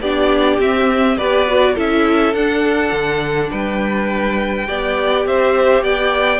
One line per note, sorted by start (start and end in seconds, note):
0.00 0.58 B3
0.00 0.61 D4
0.00 1.17 G4
0.00 0.59 D5
0.58 1.17 C4
0.58 1.18 C4
0.58 1.17 E5
1.17 1.76 B3
1.17 1.47 G4
1.17 1.74 B4
1.17 1.75 D5
1.47 1.76 F#4
1.74 2.33 C#4
1.74 2.34 E4
1.74 3.49 A4
1.74 2.34 E5
2.33 2.92 D4
2.33 4.67 D4
2.33 3.50 F#5
2.92 3.50 D3
3.50 4.68 G3
3.50 4.67 B4
3.50 5.25 G5
4.67 5.26 B3
4.67 6.39 G4
4.67 5.26 D5
5.26 5.83 C4
5.26 5.83 C5
5.26 5.84 E5
5.83 6.39 B3
5.83 6.39 D5
5.83 6.39 G5